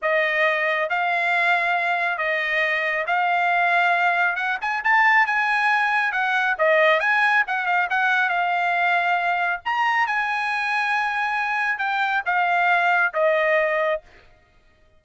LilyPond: \new Staff \with { instrumentName = "trumpet" } { \time 4/4 \tempo 4 = 137 dis''2 f''2~ | f''4 dis''2 f''4~ | f''2 fis''8 gis''8 a''4 | gis''2 fis''4 dis''4 |
gis''4 fis''8 f''8 fis''4 f''4~ | f''2 ais''4 gis''4~ | gis''2. g''4 | f''2 dis''2 | }